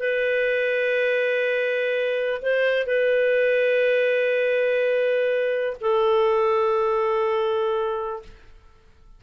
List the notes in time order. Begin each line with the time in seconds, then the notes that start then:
0.00 B4
2.42 C5
2.87 B4
5.81 A4